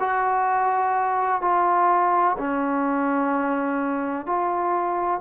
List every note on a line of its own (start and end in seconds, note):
0.00 1.42 F#4
1.42 2.37 F4
2.38 4.26 C#4
4.26 5.21 F4